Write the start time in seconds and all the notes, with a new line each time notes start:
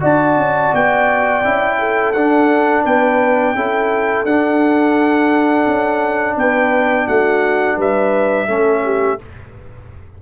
0.00 D4 F#4 D5 A5
0.36 C#4
0.73 B3 G5
1.43 C#4 E4
1.79 A4
2.12 D4 F#5
2.84 B3 B4 G5
3.54 C#4 E4 A4
4.24 D4 F#5
5.66 C#4
6.36 B3 B4 G5
7.07 A3 F#4 F#5
7.76 G3 B4 E5
8.47 A3 C#4 A4
8.84 G4